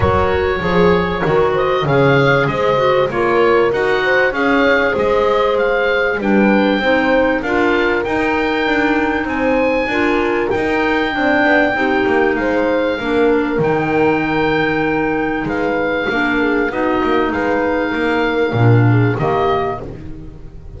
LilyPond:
<<
  \new Staff \with { instrumentName = "oboe" } { \time 4/4 \tempo 4 = 97 cis''2~ cis''8 dis''8 f''4 | dis''4 cis''4 fis''4 f''4 | dis''4 f''4 g''2 | f''4 g''2 gis''4~ |
gis''4 g''2. | f''2 g''2~ | g''4 f''2 dis''4 | f''2. dis''4 | }
  \new Staff \with { instrumentName = "horn" } { \time 4/4 ais'4 gis'4 ais'8 c''8 cis''4 | c''4 ais'4. c''8 cis''4 | c''2 b'4 c''4 | ais'2. c''4 |
ais'2 d''4 g'4 | c''4 ais'2.~ | ais'4 b'4 ais'8 gis'8 fis'4 | b'4 ais'4. gis'8 g'4 | }
  \new Staff \with { instrumentName = "clarinet" } { \time 4/4 fis'4 gis'4 fis'4 gis'4~ | gis'8 fis'8 f'4 fis'4 gis'4~ | gis'2 d'4 dis'4 | f'4 dis'2. |
f'4 dis'4 d'4 dis'4~ | dis'4 d'4 dis'2~ | dis'2 d'4 dis'4~ | dis'2 d'4 ais4 | }
  \new Staff \with { instrumentName = "double bass" } { \time 4/4 fis4 f4 dis4 cis4 | gis4 ais4 dis'4 cis'4 | gis2 g4 c'4 | d'4 dis'4 d'4 c'4 |
d'4 dis'4 c'8 b8 c'8 ais8 | gis4 ais4 dis2~ | dis4 gis4 ais4 b8 ais8 | gis4 ais4 ais,4 dis4 | }
>>